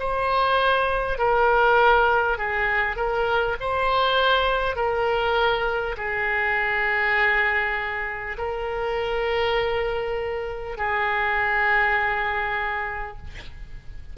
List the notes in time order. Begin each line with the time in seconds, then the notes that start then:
0.00 C5
1.19 A#4
2.38 G#4
2.97 A#4
3.61 C5
4.76 A#4
5.97 G#4
8.38 A#4
10.78 G#4